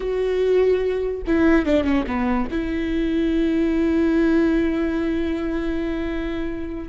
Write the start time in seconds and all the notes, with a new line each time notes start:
0.00 F#4
1.26 E4
1.65 D4
1.84 C#4
2.06 B3
2.50 E4